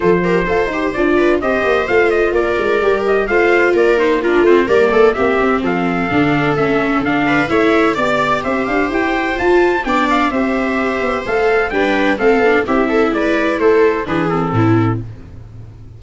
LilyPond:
<<
  \new Staff \with { instrumentName = "trumpet" } { \time 4/4 \tempo 4 = 128 c''2 d''4 dis''4 | f''8 dis''8 d''4. dis''8 f''4 | d''8 c''8 ais'8 c''8 d''4 e''4 | f''2 e''4 f''4 |
e''4 d''4 e''8 f''8 g''4 | a''4 g''8 f''8 e''2 | f''4 g''4 f''4 e''4 | d''4 c''4 b'8 a'4. | }
  \new Staff \with { instrumentName = "viola" } { \time 4/4 a'8 ais'8 c''4. b'8 c''4~ | c''4 ais'2 c''4 | ais'4 f'4 ais'8 a'8 g'4 | a'2.~ a'8 b'8 |
cis''4 d''4 c''2~ | c''4 d''4 c''2~ | c''4 b'4 a'4 g'8 a'8 | b'4 a'4 gis'4 e'4 | }
  \new Staff \with { instrumentName = "viola" } { \time 4/4 f'8 g'8 a'8 g'8 f'4 g'4 | f'2 g'4 f'4~ | f'8 dis'8 d'8 c'8 ais4 c'4~ | c'4 d'4 cis'4 d'4 |
e'4 g'2. | f'4 d'4 g'2 | a'4 d'4 c'8 d'8 e'4~ | e'2 d'8 c'4. | }
  \new Staff \with { instrumentName = "tuba" } { \time 4/4 f4 f'8 dis'8 d'4 c'8 ais8 | a4 ais8 gis8 g4 a4 | ais4. a8 g8 a8 ais8 c'8 | f4 d4 a4 d4 |
a4 b4 c'8 d'8 e'4 | f'4 b4 c'4. b8 | a4 g4 a8 b8 c'4 | gis4 a4 e4 a,4 | }
>>